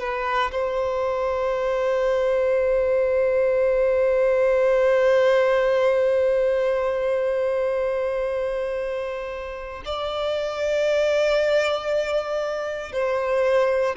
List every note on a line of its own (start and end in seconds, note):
0.00 0.52 B4
0.52 9.83 C5
9.86 12.93 D5
12.93 13.96 C5